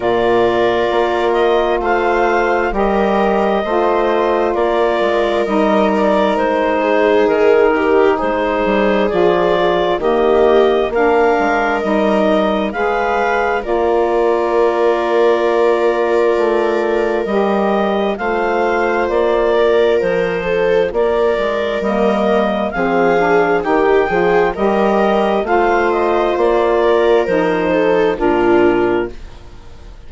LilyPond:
<<
  \new Staff \with { instrumentName = "clarinet" } { \time 4/4 \tempo 4 = 66 d''4. dis''8 f''4 dis''4~ | dis''4 d''4 dis''8 d''8 c''4 | ais'4 c''4 d''4 dis''4 | f''4 dis''4 f''4 d''4~ |
d''2. dis''4 | f''4 d''4 c''4 d''4 | dis''4 f''4 g''4 dis''4 | f''8 dis''8 d''4 c''4 ais'4 | }
  \new Staff \with { instrumentName = "viola" } { \time 4/4 ais'2 c''4 ais'4 | c''4 ais'2~ ais'8 gis'8~ | gis'8 g'8 gis'2 g'4 | ais'2 b'4 ais'4~ |
ais'1 | c''4. ais'4 a'8 ais'4~ | ais'4 gis'4 g'8 gis'8 ais'4 | c''4. ais'4 a'8 f'4 | }
  \new Staff \with { instrumentName = "saxophone" } { \time 4/4 f'2. g'4 | f'2 dis'2~ | dis'2 f'4 ais4 | d'4 dis'4 gis'4 f'4~ |
f'2. g'4 | f'1 | ais4 c'8 d'8 dis'8 f'8 g'4 | f'2 dis'4 d'4 | }
  \new Staff \with { instrumentName = "bassoon" } { \time 4/4 ais,4 ais4 a4 g4 | a4 ais8 gis8 g4 gis4 | dis4 gis8 g8 f4 dis4 | ais8 gis8 g4 gis4 ais4~ |
ais2 a4 g4 | a4 ais4 f4 ais8 gis8 | g4 f4 dis8 f8 g4 | a4 ais4 f4 ais,4 | }
>>